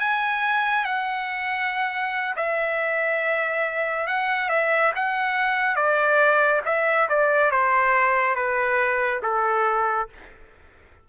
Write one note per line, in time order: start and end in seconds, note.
0.00 0.85 G#5
0.85 2.35 F#5
2.36 4.08 E5
4.08 4.50 F#5
4.50 4.92 E5
4.96 5.76 F#5
5.76 6.62 D5
6.66 7.09 E5
7.09 7.52 D5
7.52 8.36 C5
8.36 9.21 B4
9.23 10.09 A4